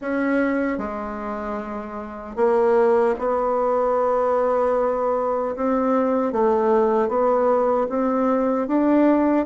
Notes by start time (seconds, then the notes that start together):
0.01 C#4
0.78 G#3
2.35 A#3
3.18 B3
5.56 C4
6.32 A3
7.08 B3
7.89 C4
8.67 D4